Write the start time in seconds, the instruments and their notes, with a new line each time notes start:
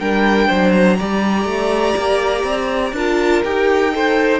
0.00 cello G3, viola D4, violin A#4 G5
0.48 cello F#3, violin C5
0.72 violin A#5
0.98 cello G3, viola G4, violin D5
1.45 cello A3
1.97 cello A#3
2.44 cello C4
2.93 cello D4, viola F4, violin A#4 A5
3.44 cello D#4, viola G4, violin G5
3.93 viola A4, violin C5